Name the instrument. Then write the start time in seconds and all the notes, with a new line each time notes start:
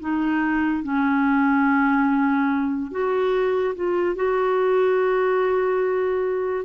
clarinet
0.00 D#4
0.83 C#4
2.91 F#4
3.75 F4
4.16 F#4